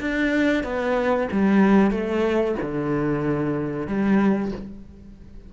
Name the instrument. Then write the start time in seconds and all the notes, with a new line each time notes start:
cello
0.00 D4
0.64 B3
1.32 G3
1.91 A3
2.62 D3
3.87 G3